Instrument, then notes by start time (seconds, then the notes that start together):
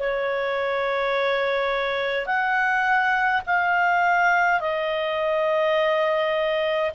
clarinet
0.00 C#5
2.27 F#5
3.47 F5
4.61 D#5